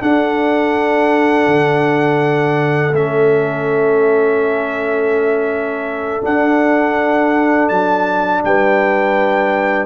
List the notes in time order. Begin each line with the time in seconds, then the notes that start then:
0.00 D4 A4 F#5
1.47 D3
2.92 A3 C#4 E5
6.21 D4 F#5
7.69 F#3 A5
8.44 G3 B4 G5